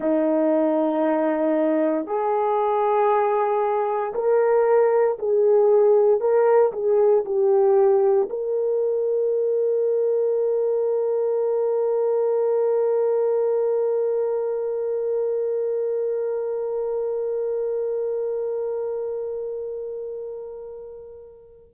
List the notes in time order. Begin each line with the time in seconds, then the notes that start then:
0.00 D#4
2.06 G#4
4.14 A#4
5.19 G#4
6.20 A#4
6.72 G#4
7.25 G4
8.29 A#4